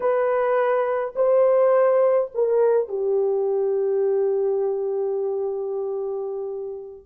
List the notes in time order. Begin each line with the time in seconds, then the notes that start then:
0.00 B4
1.15 C5
2.34 A#4
2.88 G4